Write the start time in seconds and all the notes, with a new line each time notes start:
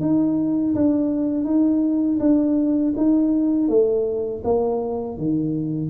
0.00 D#4
0.74 D4
1.44 D#4
2.19 D4
2.96 D#4
3.68 A3
4.43 A#3
5.17 D#3